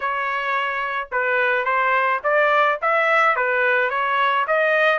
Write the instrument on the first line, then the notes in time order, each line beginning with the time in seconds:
trumpet
0.00 C#5
1.11 B4
1.64 C5
2.23 D5
2.81 E5
3.36 B4
3.90 C#5
4.47 D#5